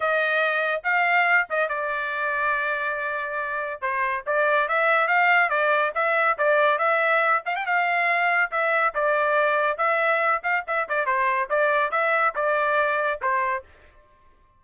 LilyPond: \new Staff \with { instrumentName = "trumpet" } { \time 4/4 \tempo 4 = 141 dis''2 f''4. dis''8 | d''1~ | d''4 c''4 d''4 e''4 | f''4 d''4 e''4 d''4 |
e''4. f''16 g''16 f''2 | e''4 d''2 e''4~ | e''8 f''8 e''8 d''8 c''4 d''4 | e''4 d''2 c''4 | }